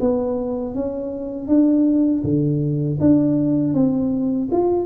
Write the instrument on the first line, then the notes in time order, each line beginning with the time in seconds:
tuba
0.00 B3
0.74 C#4
1.47 D4
2.23 D3
3.00 D4
3.74 C4
4.51 F4